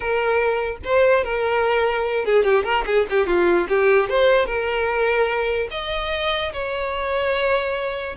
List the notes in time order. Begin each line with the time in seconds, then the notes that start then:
0.00 A#4
0.84 C5
1.24 A#4
2.25 G#4
2.44 G4
2.64 A#4
2.86 G#4
3.09 G4
3.26 F4
3.68 G4
4.09 C5
4.46 A#4
5.70 D#5
6.52 C#5